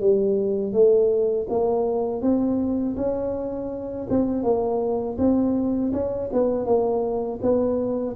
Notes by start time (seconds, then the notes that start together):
0.00 G3
0.73 A3
1.49 A#3
2.22 C4
2.97 C#4
4.10 C4
4.43 A#3
5.18 C4
5.93 C#4
6.33 B3
6.66 A#3
7.42 B3